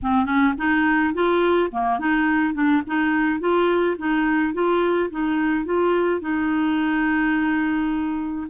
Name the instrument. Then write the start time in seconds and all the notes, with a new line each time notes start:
clarinet
0.02 C4
0.25 C#4
0.57 D#4
1.14 F4
1.71 A#3
1.99 D#4
2.53 D4
2.86 D#4
3.40 F4
3.98 D#4
4.53 F4
5.10 D#4
5.65 F4
6.20 D#4